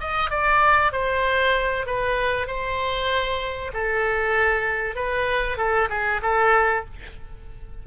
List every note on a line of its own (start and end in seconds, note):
0.00 0.30 D#5
0.30 0.92 D5
0.92 1.86 C5
1.86 2.47 B4
2.47 3.72 C5
3.73 4.95 A4
4.95 5.57 B4
5.57 5.88 A4
5.89 6.21 G#4
6.22 6.84 A4